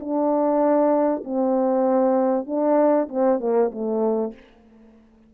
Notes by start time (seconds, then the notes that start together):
0.00 D4
1.25 C4
2.46 D4
3.09 C4
3.40 A#3
3.72 A3